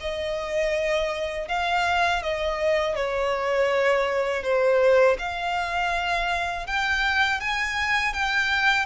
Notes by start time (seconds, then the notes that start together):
0.00 D#5
1.48 F5
2.22 D#5
2.95 C#5
4.43 C5
5.19 F5
6.67 G5
7.40 G#5
8.13 G5